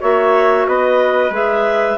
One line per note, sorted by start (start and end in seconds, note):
0.00 0.66 A#3
0.00 1.30 F#4
0.00 0.66 C#5
0.00 0.67 E5
0.66 1.30 B3
0.66 1.98 B4
0.66 1.33 D#5
1.30 1.96 G#3
1.30 1.96 G#4
1.30 1.98 E5